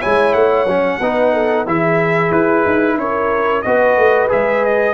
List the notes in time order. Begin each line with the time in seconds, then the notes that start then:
0.00 G#3 E4 C#5 G#5
0.34 A3 F#5
0.66 F#3 C#4
1.01 B3 D#4 B4
1.33 A4
1.67 E3 E4 G#4 E5
2.31 E4 B4
2.66 D#4
2.98 C#4 A#4 C#5
3.63 B3 F#4 B4 D#5
3.98 A3
4.29 G#3 G#4 E5
4.65 D#5